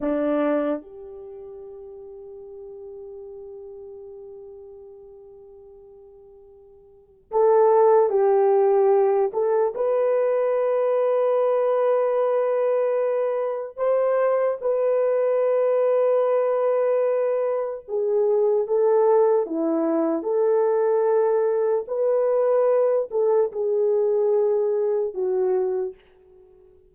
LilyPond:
\new Staff \with { instrumentName = "horn" } { \time 4/4 \tempo 4 = 74 d'4 g'2.~ | g'1~ | g'4 a'4 g'4. a'8 | b'1~ |
b'4 c''4 b'2~ | b'2 gis'4 a'4 | e'4 a'2 b'4~ | b'8 a'8 gis'2 fis'4 | }